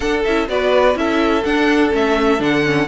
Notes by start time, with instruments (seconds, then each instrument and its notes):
0.00 viola D4, cello D4, violin A4 F#5
0.24 cello C#4, viola E4, violin E5
0.48 cello B3, viola F#4, violin B4 D5
0.95 cello C#4, viola E4, violin A4 E5
1.44 cello D4, viola D4, violin F#5
1.91 cello A3, viola C#4, violin E5
2.38 cello D3, viola D4, violin F#5
2.64 viola C#4